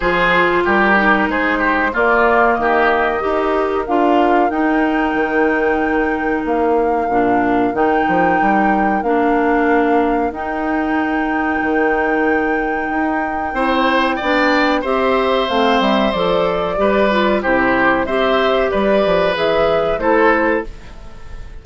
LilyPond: <<
  \new Staff \with { instrumentName = "flute" } { \time 4/4 \tempo 4 = 93 c''4 ais'4 c''4 d''4 | dis''2 f''4 g''4~ | g''2 f''2 | g''2 f''2 |
g''1~ | g''2. e''4 | f''8 e''8 d''2 c''4 | e''4 d''4 e''4 c''4 | }
  \new Staff \with { instrumentName = "oboe" } { \time 4/4 gis'4 g'4 gis'8 g'8 f'4 | g'4 ais'2.~ | ais'1~ | ais'1~ |
ais'1~ | ais'4 c''4 d''4 c''4~ | c''2 b'4 g'4 | c''4 b'2 a'4 | }
  \new Staff \with { instrumentName = "clarinet" } { \time 4/4 f'4. dis'4. ais4~ | ais4 g'4 f'4 dis'4~ | dis'2. d'4 | dis'2 d'2 |
dis'1~ | dis'4 e'4 d'4 g'4 | c'4 a'4 g'8 f'8 e'4 | g'2 gis'4 e'4 | }
  \new Staff \with { instrumentName = "bassoon" } { \time 4/4 f4 g4 gis4 ais4 | dis4 dis'4 d'4 dis'4 | dis2 ais4 ais,4 | dis8 f8 g4 ais2 |
dis'2 dis2 | dis'4 c'4 b4 c'4 | a8 g8 f4 g4 c4 | c'4 g8 f8 e4 a4 | }
>>